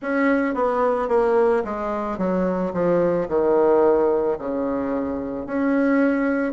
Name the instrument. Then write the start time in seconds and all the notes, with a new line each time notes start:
bassoon
0.01 C#4
0.54 B3
1.08 A#3
1.64 G#3
2.18 F#3
2.73 F3
3.28 D#3
4.38 C#3
5.46 C#4